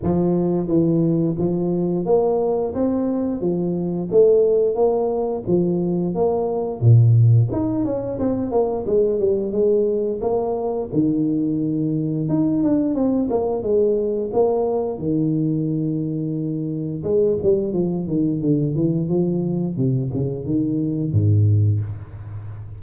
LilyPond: \new Staff \with { instrumentName = "tuba" } { \time 4/4 \tempo 4 = 88 f4 e4 f4 ais4 | c'4 f4 a4 ais4 | f4 ais4 ais,4 dis'8 cis'8 | c'8 ais8 gis8 g8 gis4 ais4 |
dis2 dis'8 d'8 c'8 ais8 | gis4 ais4 dis2~ | dis4 gis8 g8 f8 dis8 d8 e8 | f4 c8 cis8 dis4 gis,4 | }